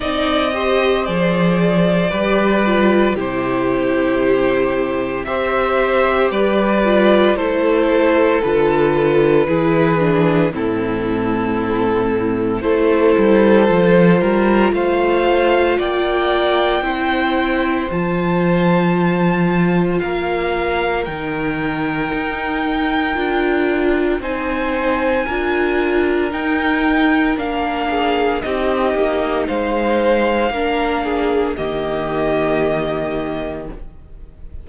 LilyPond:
<<
  \new Staff \with { instrumentName = "violin" } { \time 4/4 \tempo 4 = 57 dis''4 d''2 c''4~ | c''4 e''4 d''4 c''4 | b'2 a'2 | c''2 f''4 g''4~ |
g''4 a''2 f''4 | g''2. gis''4~ | gis''4 g''4 f''4 dis''4 | f''2 dis''2 | }
  \new Staff \with { instrumentName = "violin" } { \time 4/4 d''8 c''4. b'4 g'4~ | g'4 c''4 b'4 a'4~ | a'4 gis'4 e'2 | a'4. ais'8 c''4 d''4 |
c''2. ais'4~ | ais'2. c''4 | ais'2~ ais'8 gis'8 g'4 | c''4 ais'8 gis'8 g'2 | }
  \new Staff \with { instrumentName = "viola" } { \time 4/4 dis'8 g'8 gis'4 g'8 f'8 e'4~ | e'4 g'4. f'8 e'4 | f'4 e'8 d'8 c'2 | e'4 f'2. |
e'4 f'2. | dis'2 f'4 dis'4 | f'4 dis'4 d'4 dis'4~ | dis'4 d'4 ais2 | }
  \new Staff \with { instrumentName = "cello" } { \time 4/4 c'4 f4 g4 c4~ | c4 c'4 g4 a4 | d4 e4 a,2 | a8 g8 f8 g8 a4 ais4 |
c'4 f2 ais4 | dis4 dis'4 d'4 c'4 | d'4 dis'4 ais4 c'8 ais8 | gis4 ais4 dis2 | }
>>